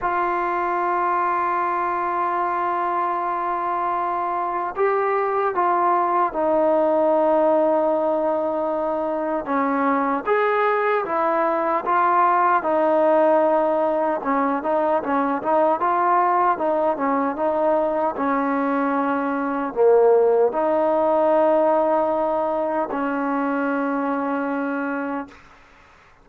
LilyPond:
\new Staff \with { instrumentName = "trombone" } { \time 4/4 \tempo 4 = 76 f'1~ | f'2 g'4 f'4 | dis'1 | cis'4 gis'4 e'4 f'4 |
dis'2 cis'8 dis'8 cis'8 dis'8 | f'4 dis'8 cis'8 dis'4 cis'4~ | cis'4 ais4 dis'2~ | dis'4 cis'2. | }